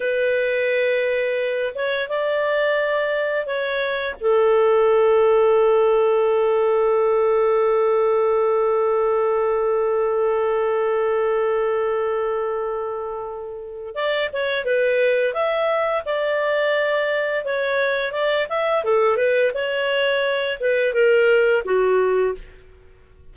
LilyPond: \new Staff \with { instrumentName = "clarinet" } { \time 4/4 \tempo 4 = 86 b'2~ b'8 cis''8 d''4~ | d''4 cis''4 a'2~ | a'1~ | a'1~ |
a'1 | d''8 cis''8 b'4 e''4 d''4~ | d''4 cis''4 d''8 e''8 a'8 b'8 | cis''4. b'8 ais'4 fis'4 | }